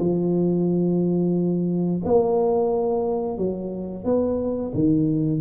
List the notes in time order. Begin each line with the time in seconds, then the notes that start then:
0.00 F3
2.05 A#3
3.38 F#3
4.05 B3
4.75 D#3